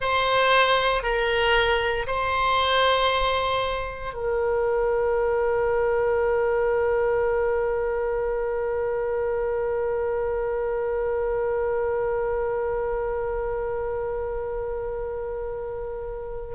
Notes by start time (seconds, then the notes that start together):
0.00 C5
1.03 A#4
2.06 C5
4.13 A#4